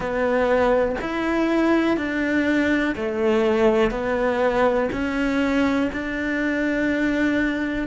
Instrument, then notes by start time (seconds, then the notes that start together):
cello
0.00 B3
1.01 E4
1.97 D4
2.95 A3
3.91 B3
4.92 C#4
5.92 D4